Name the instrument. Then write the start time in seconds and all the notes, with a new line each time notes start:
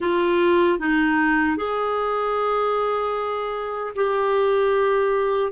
clarinet
0.00 F4
0.79 D#4
1.56 G#4
3.95 G4